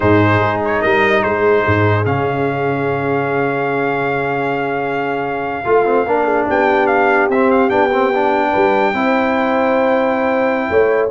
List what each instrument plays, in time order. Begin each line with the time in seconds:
0.00 tuba G#2, trombone D#4, horn G#4, trumpet C5
0.40 tuba G#3
0.65 trumpet C#5
0.80 tuba G3, horn A#4, trumpet D#5
1.22 tuba G#3, horn G#4, trumpet C5
1.65 tuba G#2
2.05 tuba C#3, trombone C#4, trumpet F5
5.64 tuba A3, trombone F4, horn F4
5.85 trombone C4
6.06 tuba A#3, trombone D4, horn A#4
6.24 horn G#4
6.47 tuba B3, horn G4, trumpet G5
6.86 trumpet F5
7.29 tuba C4, trombone C4, trumpet E5
7.50 trumpet F5
7.69 tuba B3, trombone D4, trumpet G5
7.92 trombone C4
8.13 trombone D4
8.50 tuba G3, horn B4
8.93 tuba C4, trombone E4, horn C5
10.69 tuba A3, horn C#5